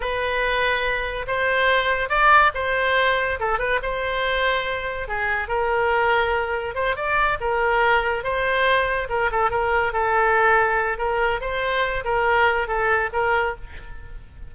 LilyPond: \new Staff \with { instrumentName = "oboe" } { \time 4/4 \tempo 4 = 142 b'2. c''4~ | c''4 d''4 c''2 | a'8 b'8 c''2. | gis'4 ais'2. |
c''8 d''4 ais'2 c''8~ | c''4. ais'8 a'8 ais'4 a'8~ | a'2 ais'4 c''4~ | c''8 ais'4. a'4 ais'4 | }